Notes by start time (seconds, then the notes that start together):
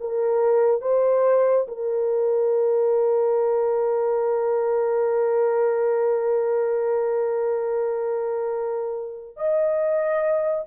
0.00 A#4
0.81 C5
1.68 A#4
9.37 D#5